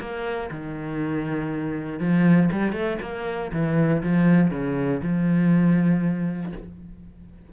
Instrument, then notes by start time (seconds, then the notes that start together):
cello
0.00 A#3
0.50 D#3
2.00 F3
2.51 G3
2.72 A3
3.02 A#3
3.52 E3
4.02 F3
4.50 C#3
5.02 F3